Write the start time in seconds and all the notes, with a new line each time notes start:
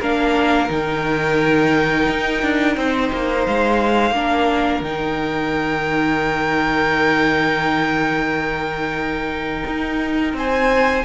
0.00 A#3 D4 A#4 F5
0.68 D#3 D#4 G5
2.09 D#4
2.42 D4
2.77 C4 C5
3.12 A#3
3.46 G#3 F5
4.11 A#3 D4 A#4
4.81 D#3 D#4 G5
9.67 D#4
10.33 C4 C5 G#5